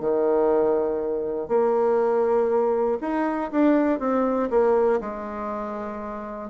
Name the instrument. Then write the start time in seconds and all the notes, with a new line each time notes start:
bassoon
0.00 D#3
1.48 A#3
3.01 D#4
3.51 D4
3.99 C4
4.50 A#3
5.00 G#3